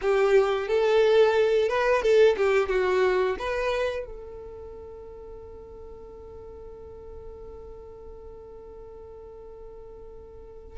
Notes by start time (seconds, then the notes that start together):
0.01 G4
0.67 A4
1.69 B4
2.02 A4
2.36 G4
2.68 F#4
3.39 B4
4.05 A4